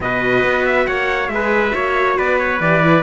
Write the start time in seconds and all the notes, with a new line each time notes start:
0.00 B2 F#4 B4 D#5
0.43 B3
0.65 E5
0.86 A#3 C#5 F#5
1.28 G#3 G#4 B4 E5
1.70 A#3 F#4 C#5
2.17 B3 B4 D5
2.38 C#5
2.60 E3 G4 D5
2.83 E4